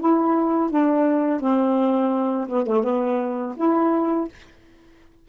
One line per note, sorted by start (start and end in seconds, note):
0.00 0.70 E4
0.70 1.40 D4
1.40 2.47 C4
2.48 2.66 B3
2.66 2.83 A3
2.83 3.55 B3
3.56 4.28 E4